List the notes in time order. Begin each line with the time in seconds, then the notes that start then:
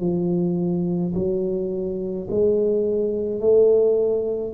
0.00 F3
1.15 F#3
2.31 G#3
3.40 A3